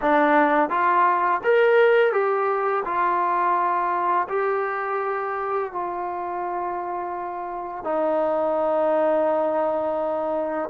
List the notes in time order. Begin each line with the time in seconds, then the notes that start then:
0.01 D4
0.69 F4
1.43 A#4
2.12 G4
2.84 F4
4.29 G4
5.72 F4
7.84 D#4